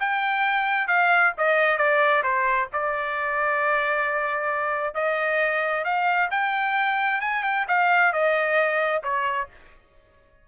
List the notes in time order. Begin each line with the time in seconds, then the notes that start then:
0.00 G5
0.88 F5
1.38 D#5
1.78 D5
2.23 C5
2.73 D5
4.95 D#5
5.85 F5
6.31 G5
7.21 G#5
7.44 G5
7.68 F5
8.13 D#5
9.03 C#5